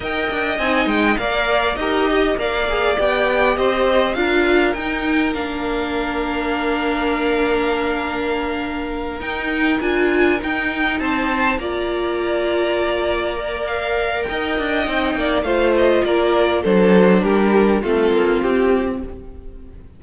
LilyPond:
<<
  \new Staff \with { instrumentName = "violin" } { \time 4/4 \tempo 4 = 101 g''4 gis''8 g''8 f''4 dis''4 | f''4 g''4 dis''4 f''4 | g''4 f''2.~ | f''2.~ f''8 g''8~ |
g''8 gis''4 g''4 a''4 ais''8~ | ais''2. f''4 | g''2 f''8 dis''8 d''4 | c''4 ais'4 a'4 g'4 | }
  \new Staff \with { instrumentName = "violin" } { \time 4/4 dis''2 d''4 ais'8 dis''8 | d''2 c''4 ais'4~ | ais'1~ | ais'1~ |
ais'2~ ais'8 c''4 d''8~ | d''1 | dis''4. d''8 c''4 ais'4 | a'4 g'4 f'2 | }
  \new Staff \with { instrumentName = "viola" } { \time 4/4 ais'4 dis'4 ais'4 g'4 | ais'8 gis'8 g'2 f'4 | dis'4 d'2.~ | d'2.~ d'8 dis'8~ |
dis'8 f'4 dis'2 f'8~ | f'2~ f'8 ais'4.~ | ais'4 dis'4 f'2 | d'2 c'2 | }
  \new Staff \with { instrumentName = "cello" } { \time 4/4 dis'8 d'8 c'8 gis8 ais4 dis'4 | ais4 b4 c'4 d'4 | dis'4 ais2.~ | ais2.~ ais8 dis'8~ |
dis'8 d'4 dis'4 c'4 ais8~ | ais1 | dis'8 d'8 c'8 ais8 a4 ais4 | fis4 g4 a8 ais8 c'4 | }
>>